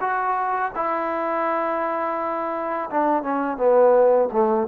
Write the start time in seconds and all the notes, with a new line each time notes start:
0.00 F#4
0.75 E4
2.90 D4
3.23 C#4
3.57 B3
4.32 A3